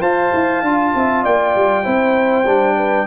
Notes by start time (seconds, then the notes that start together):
0.00 F4 C5 F5 A5
0.34 E4
0.62 D4 F4
0.94 C4 E5
1.23 A#3 D5 G5
1.55 G3
1.83 C4 E4 C5
2.46 G3 D4
2.76 B4